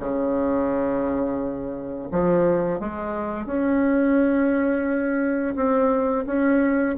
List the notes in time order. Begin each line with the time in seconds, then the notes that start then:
0.00 C#3
2.12 F3
2.80 G#3
3.46 C#4
5.56 C4
6.26 C#4